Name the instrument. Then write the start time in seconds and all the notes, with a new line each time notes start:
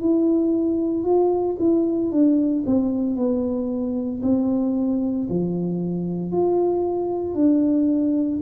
tuba
0.00 E4
1.04 F4
1.59 E4
2.11 D4
2.66 C4
3.16 B3
4.22 C4
5.29 F3
6.32 F4
7.34 D4